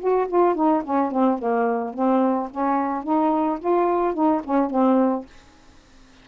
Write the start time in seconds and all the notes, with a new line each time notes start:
0.00 F#4
0.28 F4
0.55 D#4
0.84 C#4
1.12 C4
1.39 A#3
1.94 C4
2.51 C#4
3.04 D#4
3.60 F4
4.14 D#4
4.44 C#4
4.71 C4